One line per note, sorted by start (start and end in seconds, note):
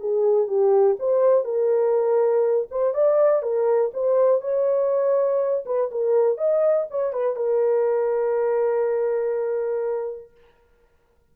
0.00 0.48 G#4
0.48 0.97 G4
0.99 1.45 C5
1.45 2.68 A#4
2.71 2.94 C5
2.94 3.43 D5
3.43 3.92 A#4
3.94 4.42 C5
4.42 5.65 C#5
5.66 5.91 B4
5.92 6.38 A#4
6.38 6.87 D#5
6.91 7.13 C#5
7.13 7.37 B4
7.37 10.32 A#4